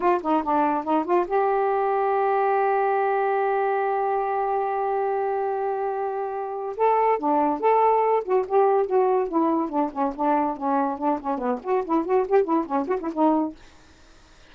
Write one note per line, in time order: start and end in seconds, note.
0.00 0.20 F4
0.22 0.43 D#4
0.43 0.84 D4
0.84 1.04 D#4
1.04 1.26 F4
1.27 6.76 G4
6.76 7.18 A4
7.18 7.60 D4
7.60 8.23 A4
8.24 8.45 F#4
8.47 8.86 G4
8.86 9.28 F#4
9.28 9.69 E4
9.69 9.90 D4
9.92 10.13 C#4
10.15 10.57 D4
10.57 10.98 C#4
10.98 11.19 D4
11.20 11.38 C#4
11.38 11.59 B3
11.63 11.84 F#4
11.84 12.05 E4
12.05 12.26 F#4
12.27 12.43 G4
12.43 12.65 E4
12.65 12.87 C#4
12.87 12.98 F#4
13.00 13.10 E4
13.13 13.55 D#4